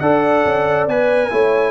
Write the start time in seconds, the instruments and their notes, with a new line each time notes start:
0.00 tuba D4, trombone A4, horn D5, trumpet F#5
0.45 tuba C#4
0.87 tuba B3, trombone B4, trumpet G#5
1.31 tuba A3, trombone E4, horn C#5